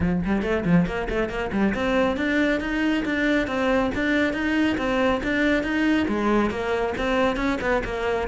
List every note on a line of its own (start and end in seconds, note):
0.00 0.21 F3
0.25 0.42 G3
0.42 0.63 A3
0.65 0.86 F3
0.86 1.08 A#3
1.09 1.29 A3
1.29 1.51 A#3
1.52 1.74 G3
1.74 2.16 C4
2.16 2.60 D4
2.60 3.03 D#4
3.05 3.47 D4
3.47 3.90 C4
3.94 4.33 D4
4.33 4.76 D#4
4.77 5.21 C4
5.23 5.63 D4
5.63 6.06 D#4
6.08 6.50 G#3
6.50 6.93 A#3
6.97 7.36 C4
7.36 7.58 C#4
7.61 7.82 B3
7.84 8.27 A#3